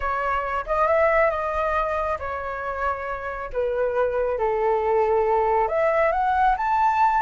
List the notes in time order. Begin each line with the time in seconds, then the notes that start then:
0.00 C#5
0.66 D#5
0.87 E5
1.30 D#5
2.19 C#5
3.52 B4
4.38 A4
5.68 E5
6.12 F#5
6.57 A5